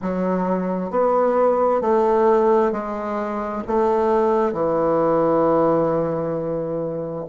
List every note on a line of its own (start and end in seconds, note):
0.02 0.90 F#3
0.90 1.81 B3
1.81 2.71 A3
2.71 3.62 G#3
3.67 4.52 A3
4.52 7.25 E3